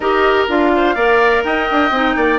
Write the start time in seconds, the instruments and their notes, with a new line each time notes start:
0.00 bassoon D#4, clarinet G4, oboe A#4, flute D#5
0.48 bassoon D4, clarinet F4, flute F5
0.76 oboe C5
0.94 bassoon A#3, clarinet A#4, oboe D5
1.44 bassoon D#4, oboe D#5, flute G5
1.71 bassoon D4
1.90 bassoon C4, clarinet D#4
2.16 bassoon A#3, oboe D5